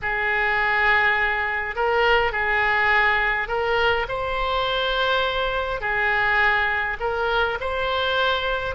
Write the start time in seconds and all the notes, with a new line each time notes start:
0.02 G#4
1.75 A#4
2.32 G#4
3.48 A#4
4.08 C5
5.80 G#4
7.00 A#4
7.60 C5